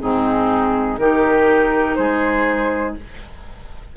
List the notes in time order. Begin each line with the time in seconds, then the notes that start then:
0.00 G#2 C4 D#4 G#4
0.98 D#3 D#4 G4 A#4
1.95 G#3 G#4 C5